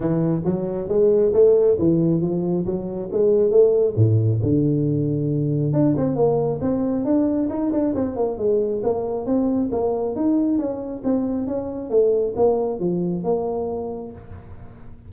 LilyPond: \new Staff \with { instrumentName = "tuba" } { \time 4/4 \tempo 4 = 136 e4 fis4 gis4 a4 | e4 f4 fis4 gis4 | a4 a,4 d2~ | d4 d'8 c'8 ais4 c'4 |
d'4 dis'8 d'8 c'8 ais8 gis4 | ais4 c'4 ais4 dis'4 | cis'4 c'4 cis'4 a4 | ais4 f4 ais2 | }